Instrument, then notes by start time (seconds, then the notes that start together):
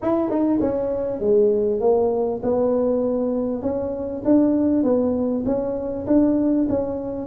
tuba
0.02 E4
0.29 D#4
0.60 C#4
1.20 G#3
1.80 A#3
2.42 B3
3.61 C#4
4.24 D4
4.83 B3
5.45 C#4
6.07 D4
6.69 C#4